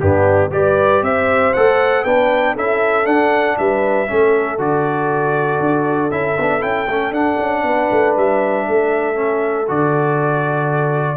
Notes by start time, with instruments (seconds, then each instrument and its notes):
0.00 tuba G2, trombone B3, horn D4, trumpet G4
0.51 tuba G3, trombone G4, horn B4, trumpet D5
1.02 tuba C4, horn C5, trumpet E5
1.53 tuba A3, trombone A4, trumpet F#5
2.04 tuba B3, trombone D4, horn B4, trumpet G5
2.54 tuba C#4, trombone E4, horn A4, trumpet E5
3.05 trombone D4, tuba D4, trumpet F#5
3.58 tuba G3, horn B4, trumpet E5
4.07 tuba A3, trombone C#4, horn A4
4.58 tuba D3, trombone F#4, trumpet D5
5.60 tuba D4
6.11 tuba C#4, trombone E4, trumpet E5
6.38 tuba B3, trombone D4
6.60 tuba C#4, trombone E4, trumpet G5
6.87 tuba A3, trombone C#4
7.11 tuba D4, trombone D4, trumpet F#5
7.38 tuba C#4
7.63 tuba B3, horn B4
7.91 tuba A3
8.17 tuba G3, trumpet E5
8.68 tuba A3, horn A4
9.15 trombone C#4
9.67 tuba D3, trombone F#4, trumpet D5